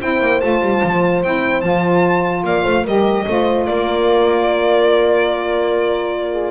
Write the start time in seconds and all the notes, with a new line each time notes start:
0.00 C4 E4 C5 G5
0.20 A#3
0.40 A3 F4 A5
0.61 G3
0.83 F3
1.23 C4 E4 G5
1.61 F3 F4 A5
2.43 A#3 D5 F5
2.64 A3 C5
2.83 G3 G4 A#4 D#5
3.26 A3 F4 C5
3.66 A#3 A#4 D5
6.32 G#4